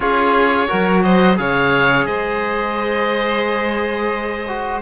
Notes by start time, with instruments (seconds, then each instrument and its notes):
0.00 cello C#4, trombone F4, violin G#4, oboe C#5
0.67 cello F#3, trombone F#4, violin A#4
1.02 violin C5, oboe D#5
1.35 cello C#3, trombone G#4, violin C#5, oboe F5
2.05 cello G#3, violin C5, oboe D#5
4.48 trombone F#4